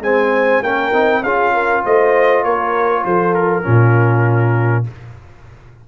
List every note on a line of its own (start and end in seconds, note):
0.00 0.61 G#3
0.00 0.63 C4
0.00 0.63 C5
0.00 0.63 G#5
0.62 0.92 A#3
0.62 0.93 C#4
0.62 1.22 A#4
0.62 1.23 G5
0.93 1.23 C4
0.93 1.23 D#4
1.22 1.84 C#4
1.22 3.63 F4
1.22 1.53 G#4
1.22 1.84 F5
1.53 1.84 A#4
1.84 2.43 A3
1.84 2.45 C5
1.84 2.44 D#5
2.43 3.04 A#3
2.43 3.05 A#4
2.43 3.05 C#5
3.05 3.66 F3
3.05 3.65 A4
3.05 3.34 C5
3.34 4.86 A#4
3.63 4.88 A#2
3.63 4.84 C#4
3.63 4.86 F4